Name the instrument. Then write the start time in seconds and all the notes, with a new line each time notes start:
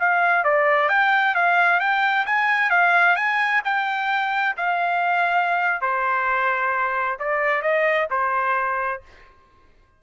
trumpet
0.00 F5
0.44 D5
0.90 G5
1.35 F5
1.80 G5
2.27 G#5
2.71 F5
3.16 G#5
3.65 G5
4.57 F5
5.82 C5
7.20 D5
7.63 D#5
8.11 C5